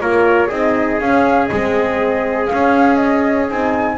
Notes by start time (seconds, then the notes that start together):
0.00 A#3 F4 A#4 C#5
0.47 C4 D#4 G#4 D#5
1.00 C#4 F5
1.46 G#3 C4 D#5
2.46 C#4 F5
2.53 C#4
2.96 D#5
3.48 C4 D#4 G#5